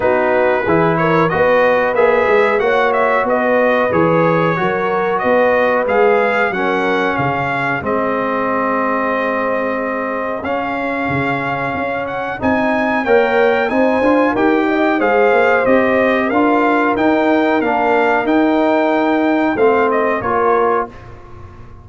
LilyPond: <<
  \new Staff \with { instrumentName = "trumpet" } { \time 4/4 \tempo 4 = 92 b'4. cis''8 dis''4 e''4 | fis''8 e''8 dis''4 cis''2 | dis''4 f''4 fis''4 f''4 | dis''1 |
f''2~ f''8 fis''8 gis''4 | g''4 gis''4 g''4 f''4 | dis''4 f''4 g''4 f''4 | g''2 f''8 dis''8 cis''4 | }
  \new Staff \with { instrumentName = "horn" } { \time 4/4 fis'4 gis'8 ais'8 b'2 | cis''4 b'2 ais'4 | b'2 ais'4 gis'4~ | gis'1~ |
gis'1 | cis''4 c''4 ais'8 dis''8 c''4~ | c''4 ais'2.~ | ais'2 c''4 ais'4 | }
  \new Staff \with { instrumentName = "trombone" } { \time 4/4 dis'4 e'4 fis'4 gis'4 | fis'2 gis'4 fis'4~ | fis'4 gis'4 cis'2 | c'1 |
cis'2. dis'4 | ais'4 dis'8 f'8 g'4 gis'4 | g'4 f'4 dis'4 d'4 | dis'2 c'4 f'4 | }
  \new Staff \with { instrumentName = "tuba" } { \time 4/4 b4 e4 b4 ais8 gis8 | ais4 b4 e4 fis4 | b4 gis4 fis4 cis4 | gis1 |
cis'4 cis4 cis'4 c'4 | ais4 c'8 d'8 dis'4 gis8 ais8 | c'4 d'4 dis'4 ais4 | dis'2 a4 ais4 | }
>>